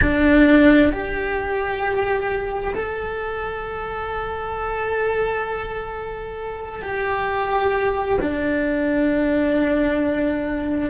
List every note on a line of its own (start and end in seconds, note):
0.01 0.92 D4
0.92 2.74 G4
2.74 6.81 A4
6.81 8.18 G4
8.21 10.90 D4